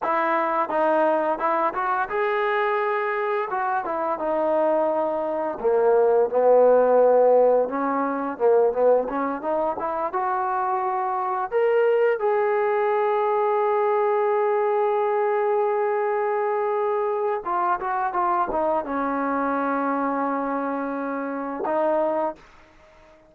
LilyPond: \new Staff \with { instrumentName = "trombone" } { \time 4/4 \tempo 4 = 86 e'4 dis'4 e'8 fis'8 gis'4~ | gis'4 fis'8 e'8 dis'2 | ais4 b2 cis'4 | ais8 b8 cis'8 dis'8 e'8 fis'4.~ |
fis'8 ais'4 gis'2~ gis'8~ | gis'1~ | gis'4 f'8 fis'8 f'8 dis'8 cis'4~ | cis'2. dis'4 | }